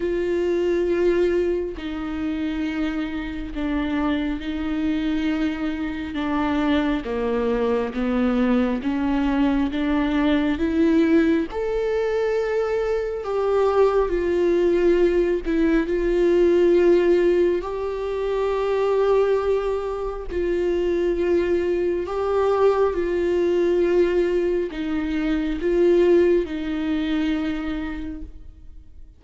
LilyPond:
\new Staff \with { instrumentName = "viola" } { \time 4/4 \tempo 4 = 68 f'2 dis'2 | d'4 dis'2 d'4 | ais4 b4 cis'4 d'4 | e'4 a'2 g'4 |
f'4. e'8 f'2 | g'2. f'4~ | f'4 g'4 f'2 | dis'4 f'4 dis'2 | }